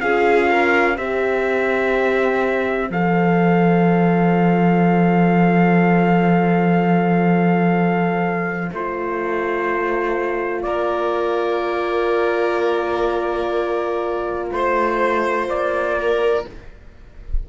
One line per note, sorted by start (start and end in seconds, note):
0.00 0.98 C#4
0.00 0.97 F4
0.00 0.51 G#4
0.00 0.98 F5
0.51 0.98 A#4
0.97 2.90 C4
0.97 2.91 G4
0.97 10.65 C5
0.97 2.91 E5
2.90 8.71 F3
2.90 8.73 A4
2.90 8.73 F5
8.72 10.64 A3
8.72 16.50 F4
8.72 10.63 C5
10.63 14.51 A#3
10.63 14.53 A#4
10.63 14.50 D5
14.52 15.49 A3
14.52 15.49 C5
14.52 15.98 C5
15.49 16.45 A#3
15.49 16.47 D5
15.98 16.47 A#4